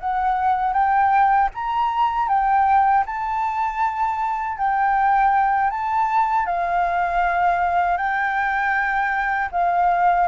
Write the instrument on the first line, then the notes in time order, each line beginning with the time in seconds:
flute
0.00 F#5
0.73 G5
1.54 A#5
2.28 G5
3.06 A5
4.57 G5
5.70 A5
6.46 F5
7.97 G5
9.51 F5